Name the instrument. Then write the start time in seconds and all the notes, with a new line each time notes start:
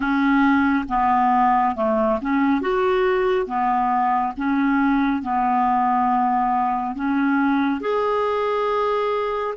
clarinet
0.00 C#4
0.89 B3
1.75 A3
2.21 C#4
2.61 F#4
3.46 B3
4.36 C#4
5.22 B3
6.95 C#4
7.80 G#4